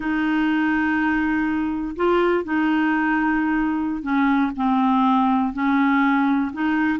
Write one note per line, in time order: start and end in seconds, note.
0.00 1.95 D#4
1.96 2.44 F4
2.44 4.02 D#4
4.02 4.51 C#4
4.55 5.53 C4
5.53 6.51 C#4
6.53 6.99 D#4